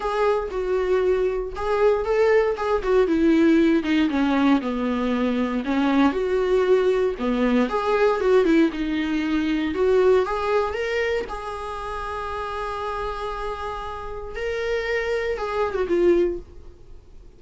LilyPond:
\new Staff \with { instrumentName = "viola" } { \time 4/4 \tempo 4 = 117 gis'4 fis'2 gis'4 | a'4 gis'8 fis'8 e'4. dis'8 | cis'4 b2 cis'4 | fis'2 b4 gis'4 |
fis'8 e'8 dis'2 fis'4 | gis'4 ais'4 gis'2~ | gis'1 | ais'2 gis'8. fis'16 f'4 | }